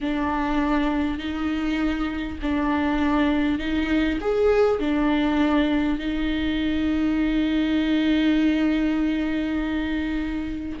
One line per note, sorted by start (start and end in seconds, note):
0.01 1.18 D4
1.18 2.38 D#4
2.42 3.58 D4
3.58 4.18 D#4
4.21 4.79 G#4
4.79 5.98 D4
5.98 10.78 D#4